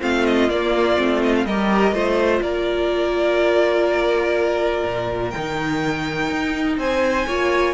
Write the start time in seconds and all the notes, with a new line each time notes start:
0.00 A3 C4 F4 F5
0.26 D#5
0.49 A#3 D5
0.97 A3 C4
1.24 D#5
1.36 F5
1.46 G3 G4 A#4 D#5
1.93 A3 F4 C5
2.42 A#3 A#4 D5
4.85 A#2
5.30 G5
5.36 D#3 D#4
6.30 D#4
6.78 C4 C5 G#5
7.27 A#3 F4 C#5